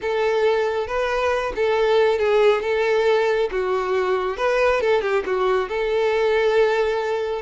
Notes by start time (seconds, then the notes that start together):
0.01 A4
0.87 B4
1.55 A4
2.18 G#4
2.62 A4
3.51 F#4
4.37 B4
4.80 A4
5.01 G4
5.26 F#4
5.68 A4